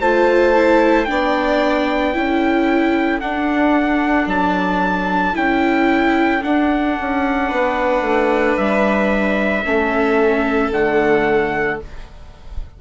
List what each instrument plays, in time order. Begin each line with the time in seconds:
0.00 bassoon A3, viola F4, violin C5, trumpet A5
0.56 viola E4
1.04 bassoon B3, viola D4, trumpet G5
1.11 violin D5
2.14 bassoon C#4, viola E4, violin A4
3.20 bassoon D4, viola D4, trumpet F#5
4.27 bassoon F#3, trumpet A5
5.34 bassoon C#4, viola E4, trumpet G5
6.42 viola D4, bassoon D4, trumpet F#5
7.00 bassoon C#4
7.49 bassoon B3, violin B4
8.01 bassoon A3
8.57 bassoon G3, trumpet E5
9.65 bassoon A3, viola C#4, violin A4
10.71 bassoon D3, viola A3, trumpet F#5